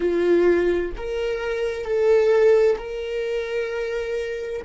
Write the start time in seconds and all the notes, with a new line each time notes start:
0.00 F4
0.97 A#4
1.84 A4
2.77 A#4